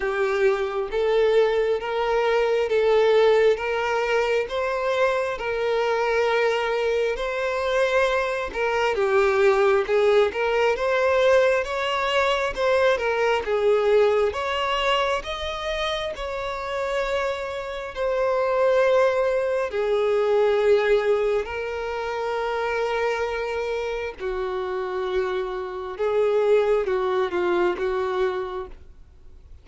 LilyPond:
\new Staff \with { instrumentName = "violin" } { \time 4/4 \tempo 4 = 67 g'4 a'4 ais'4 a'4 | ais'4 c''4 ais'2 | c''4. ais'8 g'4 gis'8 ais'8 | c''4 cis''4 c''8 ais'8 gis'4 |
cis''4 dis''4 cis''2 | c''2 gis'2 | ais'2. fis'4~ | fis'4 gis'4 fis'8 f'8 fis'4 | }